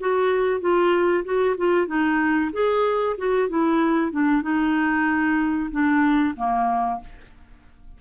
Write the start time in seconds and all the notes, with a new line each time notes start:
0.00 F#4
0.60 F4
1.24 F#4
1.57 F4
1.87 D#4
2.52 G#4
3.17 F#4
3.49 E4
4.11 D4
4.42 D#4
5.71 D4
6.37 A#3